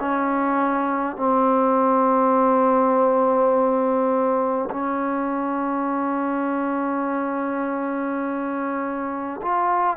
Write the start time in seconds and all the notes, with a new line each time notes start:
0.00 C#4
1.17 C4
4.71 C#4
9.42 F4